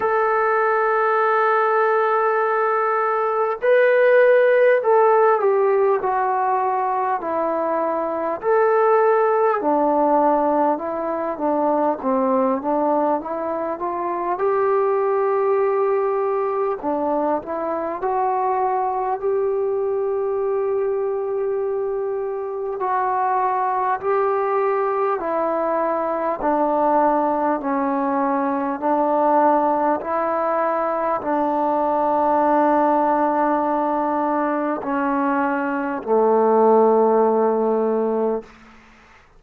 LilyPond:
\new Staff \with { instrumentName = "trombone" } { \time 4/4 \tempo 4 = 50 a'2. b'4 | a'8 g'8 fis'4 e'4 a'4 | d'4 e'8 d'8 c'8 d'8 e'8 f'8 | g'2 d'8 e'8 fis'4 |
g'2. fis'4 | g'4 e'4 d'4 cis'4 | d'4 e'4 d'2~ | d'4 cis'4 a2 | }